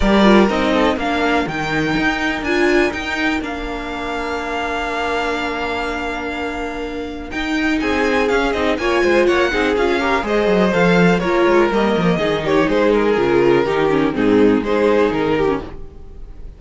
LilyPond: <<
  \new Staff \with { instrumentName = "violin" } { \time 4/4 \tempo 4 = 123 d''4 dis''4 f''4 g''4~ | g''4 gis''4 g''4 f''4~ | f''1~ | f''2. g''4 |
gis''4 f''8 dis''8 gis''4 fis''4 | f''4 dis''4 f''4 cis''4 | dis''4. cis''8 c''8 ais'4.~ | ais'4 gis'4 c''4 ais'4 | }
  \new Staff \with { instrumentName = "violin" } { \time 4/4 ais'4. a'8 ais'2~ | ais'1~ | ais'1~ | ais'1 |
gis'2 cis''8 c''8 cis''8 gis'8~ | gis'8 ais'8 c''2 ais'4~ | ais'4 gis'8 g'8 gis'2 | g'4 dis'4 gis'4. g'8 | }
  \new Staff \with { instrumentName = "viola" } { \time 4/4 g'8 f'8 dis'4 d'4 dis'4~ | dis'4 f'4 dis'4 d'4~ | d'1~ | d'2. dis'4~ |
dis'4 cis'8 dis'8 f'4. dis'8 | f'8 g'8 gis'4 a'4 f'4 | ais4 dis'2 f'4 | dis'8 cis'8 c'4 dis'4.~ dis'16 cis'16 | }
  \new Staff \with { instrumentName = "cello" } { \time 4/4 g4 c'4 ais4 dis4 | dis'4 d'4 dis'4 ais4~ | ais1~ | ais2. dis'4 |
c'4 cis'8 c'8 ais8 gis8 ais8 c'8 | cis'4 gis8 fis8 f4 ais8 gis8 | g8 f8 dis4 gis4 cis4 | dis4 gis,4 gis4 dis4 | }
>>